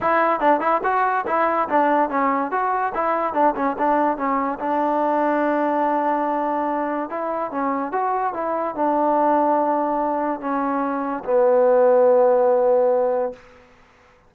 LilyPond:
\new Staff \with { instrumentName = "trombone" } { \time 4/4 \tempo 4 = 144 e'4 d'8 e'8 fis'4 e'4 | d'4 cis'4 fis'4 e'4 | d'8 cis'8 d'4 cis'4 d'4~ | d'1~ |
d'4 e'4 cis'4 fis'4 | e'4 d'2.~ | d'4 cis'2 b4~ | b1 | }